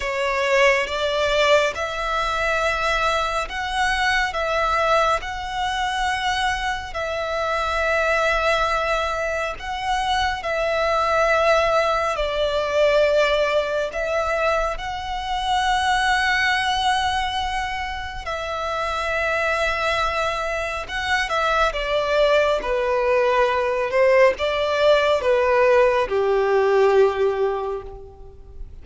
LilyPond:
\new Staff \with { instrumentName = "violin" } { \time 4/4 \tempo 4 = 69 cis''4 d''4 e''2 | fis''4 e''4 fis''2 | e''2. fis''4 | e''2 d''2 |
e''4 fis''2.~ | fis''4 e''2. | fis''8 e''8 d''4 b'4. c''8 | d''4 b'4 g'2 | }